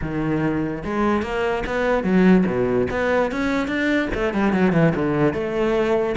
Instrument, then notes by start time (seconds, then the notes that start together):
cello
0.01 D#3
0.84 G#3
1.22 A#3
1.66 B3
2.03 F#3
2.46 B2
2.90 B3
3.31 C#4
3.67 D4
4.14 A3
4.33 G3
4.52 F#3
4.72 E3
4.95 D3
5.33 A3